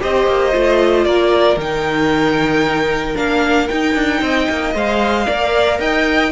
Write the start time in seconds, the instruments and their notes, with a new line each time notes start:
0.00 cello C4, viola G4, violin C5 D#5
0.27 cello A#3
0.52 cello A3, viola F4
1.04 cello A#3, violin A#4 D5
1.57 cello D#3, viola D#4, violin G5
3.16 cello A#3, viola D4, violin F5
3.68 viola D#4, cello D#4, violin G5
3.95 cello D4
4.21 cello C4, violin D#5
4.49 cello A#3
4.74 cello G#3, viola C5, violin F5
5.26 cello A#3, viola A#4, violin D5
5.79 cello D#4, violin D#5 G5